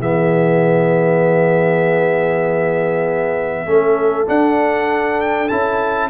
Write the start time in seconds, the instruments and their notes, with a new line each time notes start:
0.00 tuba E3, trombone B3, horn G#4, trumpet E5
3.66 tuba A3, trombone C#4, horn A4
4.27 trombone D4, tuba D4, trumpet F#5
5.21 trumpet G5
5.49 tuba C#4, trombone E4, trumpet A5